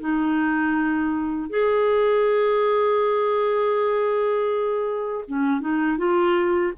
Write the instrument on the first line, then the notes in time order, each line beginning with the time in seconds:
clarinet
0.00 D#4
1.49 G#4
5.28 C#4
5.60 D#4
5.97 F4